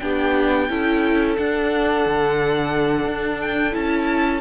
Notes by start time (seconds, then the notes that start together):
0.00 B3 D4 G4 G5
0.69 C#4 E4 A4
1.37 D4 F#5
2.06 D3
3.06 D4
3.41 G5
3.72 C#4 E4 A5